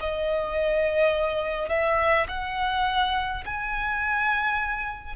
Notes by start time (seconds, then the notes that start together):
0.00 D#5
1.69 E5
2.28 F#5
3.45 G#5